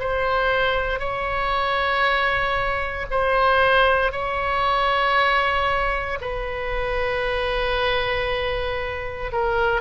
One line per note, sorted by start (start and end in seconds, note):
0.00 1.00 C5
1.00 3.07 C#5
3.11 4.12 C5
4.12 6.19 C#5
6.22 9.32 B4
9.32 9.82 A#4